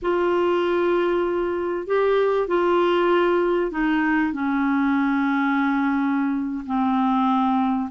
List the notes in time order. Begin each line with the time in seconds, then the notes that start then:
0.02 F4
1.87 G4
2.47 F4
3.71 D#4
4.32 C#4
6.66 C4